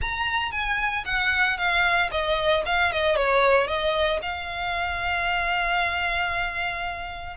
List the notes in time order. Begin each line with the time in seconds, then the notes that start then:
0.01 A#5
0.51 G#5
1.05 F#5
1.57 F5
2.11 D#5
2.65 F5
2.92 D#5
3.16 C#5
3.67 D#5
4.22 F5